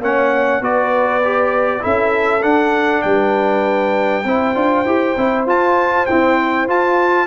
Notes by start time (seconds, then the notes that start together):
0.00 A#3 C#4 C#5 F#5
0.60 B3 F#4 B4 D5
1.23 G4
1.80 C#4 E4 A4 E5
2.42 D4 F#5
3.02 G3 B4 G5
4.24 C4 E4 C5
4.55 D4 F4
4.85 E4 G4
5.17 C4 E4
5.46 F4 A5
6.06 C4 E4 G5
6.67 F4 A5